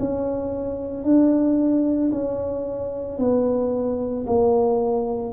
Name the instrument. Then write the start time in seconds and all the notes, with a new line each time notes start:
tuba
0.00 C#4
1.04 D4
2.12 C#4
3.19 B3
4.27 A#3